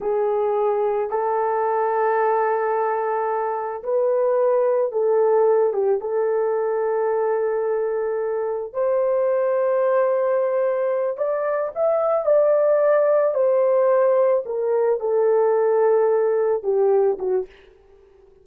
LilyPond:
\new Staff \with { instrumentName = "horn" } { \time 4/4 \tempo 4 = 110 gis'2 a'2~ | a'2. b'4~ | b'4 a'4. g'8 a'4~ | a'1 |
c''1~ | c''8 d''4 e''4 d''4.~ | d''8 c''2 ais'4 a'8~ | a'2~ a'8 g'4 fis'8 | }